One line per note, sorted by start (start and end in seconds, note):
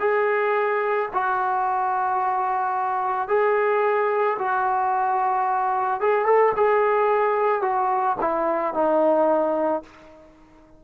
0.00 1.09 G#4
1.13 3.28 F#4
3.28 4.37 G#4
4.39 6.00 F#4
6.00 6.25 G#4
6.25 6.53 A4
6.56 7.62 G#4
7.62 8.16 F#4
8.21 8.74 E4
8.74 9.83 D#4